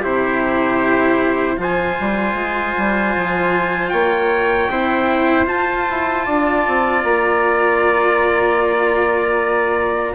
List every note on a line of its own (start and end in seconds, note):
0.00 1.58 C3
0.00 1.57 E4
0.00 1.56 G4
0.00 1.60 C5
1.57 1.97 F3
1.57 4.69 F4
1.57 3.92 C5
1.57 3.89 G#5
2.00 2.34 G3
2.34 2.73 G#3
2.78 3.16 G3
3.16 3.92 F3
3.89 4.69 A#3
3.89 4.70 C#5
3.89 5.45 G5
4.69 5.47 C4
4.69 5.46 E4
4.69 6.26 C5
5.46 10.14 F4
5.46 5.86 F4
5.46 7.04 A5
5.90 6.27 E4
6.26 6.66 D4
6.26 10.14 D5
6.67 7.04 C4
7.04 10.14 A#3
7.04 10.14 A#5